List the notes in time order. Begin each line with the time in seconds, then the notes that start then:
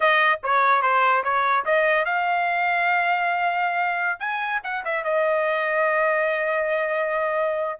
0.00 D#5
0.43 C#5
0.81 C5
1.23 C#5
1.65 D#5
2.05 F5
4.19 G#5
4.63 F#5
4.85 E5
5.03 D#5